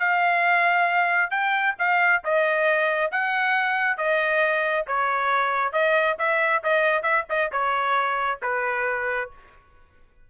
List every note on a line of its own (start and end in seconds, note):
0.00 1.31 F5
1.31 1.75 G5
1.79 2.23 F5
2.25 3.12 D#5
3.12 3.98 F#5
3.98 4.86 D#5
4.87 5.73 C#5
5.73 6.17 D#5
6.19 6.63 E5
6.64 7.03 D#5
7.03 7.25 E5
7.30 7.52 D#5
7.52 8.41 C#5
8.43 9.31 B4